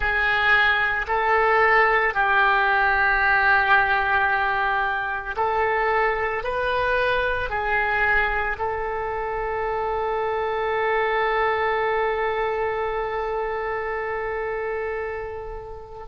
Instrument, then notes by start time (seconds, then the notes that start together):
oboe
0.00 G#4
1.07 A4
2.14 G4
5.36 A4
6.43 B4
7.49 G#4
8.58 A4